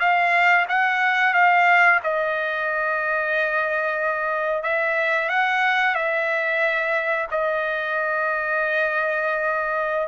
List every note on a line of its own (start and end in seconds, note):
0.00 0.66 F5
0.69 1.34 F#5
1.34 2.00 F5
2.03 4.63 D#5
4.63 5.29 E5
5.29 5.95 F#5
5.95 7.27 E5
7.31 10.08 D#5